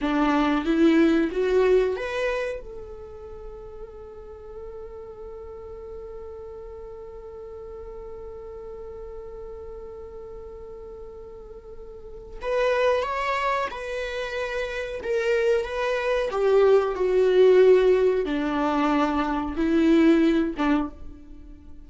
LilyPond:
\new Staff \with { instrumentName = "viola" } { \time 4/4 \tempo 4 = 92 d'4 e'4 fis'4 b'4 | a'1~ | a'1~ | a'1~ |
a'2. b'4 | cis''4 b'2 ais'4 | b'4 g'4 fis'2 | d'2 e'4. d'8 | }